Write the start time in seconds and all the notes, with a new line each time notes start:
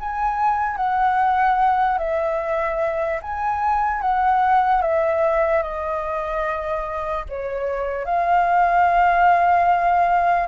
0.00 G#5
0.77 F#5
1.98 E5
3.22 G#5
4.01 F#5
4.82 E5
5.62 D#5
7.29 C#5
8.05 F5